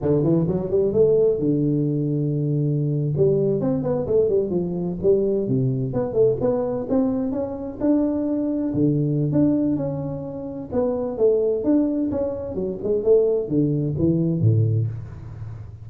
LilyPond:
\new Staff \with { instrumentName = "tuba" } { \time 4/4 \tempo 4 = 129 d8 e8 fis8 g8 a4 d4~ | d2~ d8. g4 c'16~ | c'16 b8 a8 g8 f4 g4 c16~ | c8. b8 a8 b4 c'4 cis'16~ |
cis'8. d'2 d4~ d16 | d'4 cis'2 b4 | a4 d'4 cis'4 fis8 gis8 | a4 d4 e4 a,4 | }